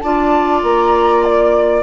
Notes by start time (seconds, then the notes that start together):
0.00 D4 F4 D5 A5
0.63 A#3 A#5
1.24 D5